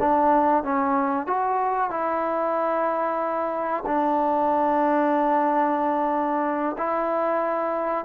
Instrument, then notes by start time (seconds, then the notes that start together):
trombone
0.00 D4
0.63 C#4
1.27 F#4
1.90 E4
3.86 D4
6.77 E4